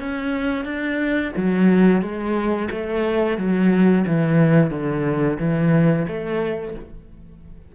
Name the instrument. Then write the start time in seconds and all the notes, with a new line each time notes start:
cello
0.00 C#4
0.65 D4
1.37 F#3
2.02 G#3
2.71 A3
3.38 F#3
4.07 E3
4.71 D3
5.39 E3
6.08 A3